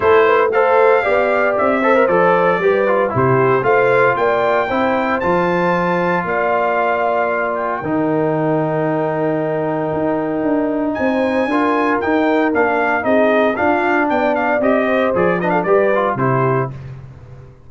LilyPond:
<<
  \new Staff \with { instrumentName = "trumpet" } { \time 4/4 \tempo 4 = 115 c''4 f''2 e''4 | d''2 c''4 f''4 | g''2 a''2 | f''2~ f''8 g''4.~ |
g''1~ | g''4 gis''2 g''4 | f''4 dis''4 f''4 g''8 f''8 | dis''4 d''8 dis''16 f''16 d''4 c''4 | }
  \new Staff \with { instrumentName = "horn" } { \time 4/4 a'8 b'8 c''4 d''4. c''8~ | c''4 b'4 g'4 c''4 | d''4 c''2. | d''2. ais'4~ |
ais'1~ | ais'4 c''4 ais'2~ | ais'4 gis'4 f'4 d''4~ | d''8 c''4 b'16 a'16 b'4 g'4 | }
  \new Staff \with { instrumentName = "trombone" } { \time 4/4 e'4 a'4 g'4. a'16 ais'16 | a'4 g'8 f'8 e'4 f'4~ | f'4 e'4 f'2~ | f'2. dis'4~ |
dis'1~ | dis'2 f'4 dis'4 | d'4 dis'4 d'2 | g'4 gis'8 d'8 g'8 f'8 e'4 | }
  \new Staff \with { instrumentName = "tuba" } { \time 4/4 a2 b4 c'4 | f4 g4 c4 a4 | ais4 c'4 f2 | ais2. dis4~ |
dis2. dis'4 | d'4 c'4 d'4 dis'4 | ais4 c'4 d'4 b4 | c'4 f4 g4 c4 | }
>>